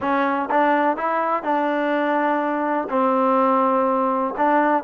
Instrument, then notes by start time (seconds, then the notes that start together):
trombone
0.00 C#4
0.50 D4
0.96 E4
1.43 D4
2.89 C4
4.37 D4